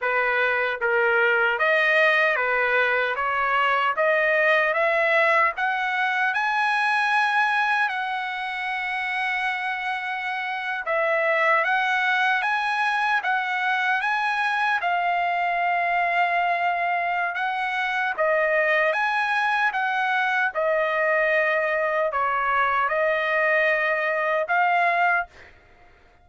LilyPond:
\new Staff \with { instrumentName = "trumpet" } { \time 4/4 \tempo 4 = 76 b'4 ais'4 dis''4 b'4 | cis''4 dis''4 e''4 fis''4 | gis''2 fis''2~ | fis''4.~ fis''16 e''4 fis''4 gis''16~ |
gis''8. fis''4 gis''4 f''4~ f''16~ | f''2 fis''4 dis''4 | gis''4 fis''4 dis''2 | cis''4 dis''2 f''4 | }